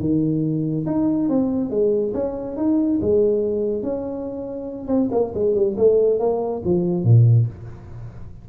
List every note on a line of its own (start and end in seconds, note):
0.00 0.86 D#3
0.86 1.29 D#4
1.29 1.70 C4
1.70 2.13 G#3
2.14 2.57 C#4
2.57 2.99 D#4
3.01 3.82 G#3
3.82 4.87 C#4
4.87 5.09 C4
5.12 5.33 A#3
5.35 5.55 G#3
5.55 5.76 G3
5.77 6.19 A3
6.19 6.62 A#3
6.65 7.04 F3
7.04 7.47 A#2